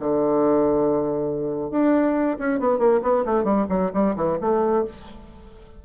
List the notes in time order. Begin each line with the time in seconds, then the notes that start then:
0.00 D3
1.71 D4
2.39 C#4
2.60 B3
2.79 A#3
3.03 B3
3.25 A3
3.44 G3
3.70 F#3
3.94 G3
4.16 E3
4.41 A3